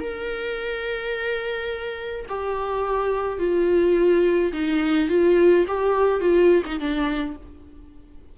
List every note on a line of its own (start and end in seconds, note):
0.00 2.26 A#4
2.29 3.39 G4
3.39 4.52 F4
4.53 5.09 D#4
5.09 5.66 F4
5.68 6.21 G4
6.21 6.63 F4
6.66 6.80 D#4
6.80 7.37 D4